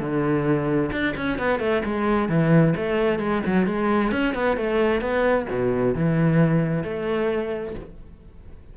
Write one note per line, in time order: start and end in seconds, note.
0.00 0.91 D3
0.92 1.15 D4
1.17 1.38 C#4
1.38 1.60 B3
1.60 1.82 A3
1.85 2.29 G#3
2.29 2.74 E3
2.76 3.19 A3
3.19 3.42 G#3
3.46 3.66 F#3
3.66 4.12 G#3
4.12 4.35 C#4
4.35 4.57 B3
4.57 5.01 A3
5.01 5.46 B3
5.50 5.95 B2
5.95 6.84 E3
6.84 7.75 A3